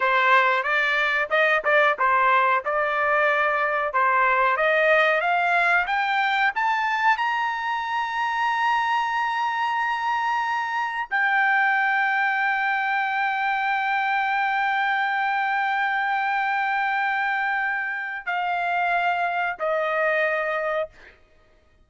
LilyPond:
\new Staff \with { instrumentName = "trumpet" } { \time 4/4 \tempo 4 = 92 c''4 d''4 dis''8 d''8 c''4 | d''2 c''4 dis''4 | f''4 g''4 a''4 ais''4~ | ais''1~ |
ais''4 g''2.~ | g''1~ | g''1 | f''2 dis''2 | }